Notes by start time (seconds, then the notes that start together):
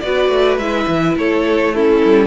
0.00 B3 F#4 B4 D5
0.29 A3
0.57 G#3 E4 E5
0.87 E3
1.16 A3 A4 C#5
1.74 C#4 E4 A4
2.05 G3